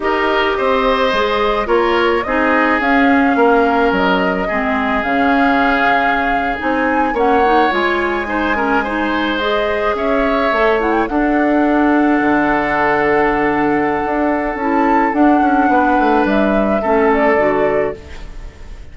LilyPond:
<<
  \new Staff \with { instrumentName = "flute" } { \time 4/4 \tempo 4 = 107 dis''2. cis''4 | dis''4 f''2 dis''4~ | dis''4 f''2~ f''8. gis''16~ | gis''8. fis''4 gis''2~ gis''16~ |
gis''8. dis''4 e''4. fis''16 g''16 fis''16~ | fis''1~ | fis''2 a''4 fis''4~ | fis''4 e''4. d''4. | }
  \new Staff \with { instrumentName = "oboe" } { \time 4/4 ais'4 c''2 ais'4 | gis'2 ais'2 | gis'1~ | gis'8. cis''2 c''8 ais'8 c''16~ |
c''4.~ c''16 cis''2 a'16~ | a'1~ | a'1 | b'2 a'2 | }
  \new Staff \with { instrumentName = "clarinet" } { \time 4/4 g'2 gis'4 f'4 | dis'4 cis'2. | c'4 cis'2~ cis'8. dis'16~ | dis'8. cis'8 dis'8 f'4 dis'8 cis'8 dis'16~ |
dis'8. gis'2 a'8 e'8 d'16~ | d'1~ | d'2 e'4 d'4~ | d'2 cis'4 fis'4 | }
  \new Staff \with { instrumentName = "bassoon" } { \time 4/4 dis'4 c'4 gis4 ais4 | c'4 cis'4 ais4 fis4 | gis4 cis2~ cis8. c'16~ | c'8. ais4 gis2~ gis16~ |
gis4.~ gis16 cis'4 a4 d'16~ | d'4.~ d'16 d2~ d16~ | d4 d'4 cis'4 d'8 cis'8 | b8 a8 g4 a4 d4 | }
>>